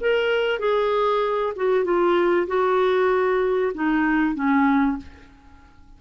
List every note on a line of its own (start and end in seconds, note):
0.00 0.59 A#4
0.59 1.53 G#4
1.56 1.84 F#4
1.84 2.47 F4
2.47 3.72 F#4
3.74 4.35 D#4
4.35 4.97 C#4